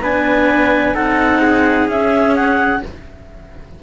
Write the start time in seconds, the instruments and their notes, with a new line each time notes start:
0.00 cello B3 D4, trumpet B4, clarinet G#5
0.95 cello C4 D#4, trumpet A4, clarinet F#5
1.42 trumpet G#4
1.88 cello C#4, clarinet E5
2.36 clarinet F#5